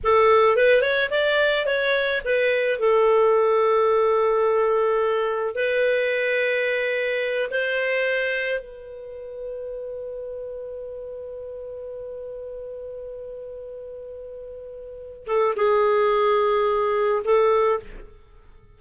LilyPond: \new Staff \with { instrumentName = "clarinet" } { \time 4/4 \tempo 4 = 108 a'4 b'8 cis''8 d''4 cis''4 | b'4 a'2.~ | a'2 b'2~ | b'4. c''2 b'8~ |
b'1~ | b'1~ | b'2.~ b'8 a'8 | gis'2. a'4 | }